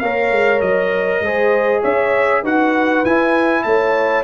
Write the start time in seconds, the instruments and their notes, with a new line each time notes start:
0.00 tuba A#3, trombone A#4, horn C#5, trumpet F5
0.32 tuba G#3
0.61 tuba F#3, trumpet D#5
1.21 tuba G#3, trombone G#4, horn C5
1.81 tuba C#4, horn C#5, trumpet E5
2.43 tuba D#4, trombone F#4, horn B4, trumpet F#5
3.05 tuba E4, trombone E4, trumpet G#5
3.63 tuba A3, horn C#5, trumpet A5